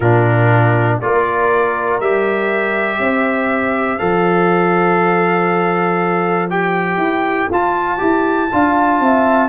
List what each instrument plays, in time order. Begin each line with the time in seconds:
0.00 tuba A#2, trombone D4, horn F4, trumpet A#4
1.00 tuba A#3, trombone F4, horn A#4, trumpet D5
2.00 tuba G3, trombone G4, trumpet E5
2.98 tuba C4, horn C5
3.98 tuba F3, trombone A4, trumpet F5
6.50 trombone G4, trumpet G5
6.97 tuba E4
7.50 tuba F4, trombone F4, trumpet A5
7.97 tuba E4, trombone G4
8.51 tuba D4, trombone F4, horn F5
9.00 tuba C4, horn E5